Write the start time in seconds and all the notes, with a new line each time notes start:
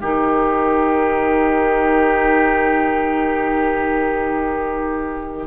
0.00 D#3 D#4 G4 A#4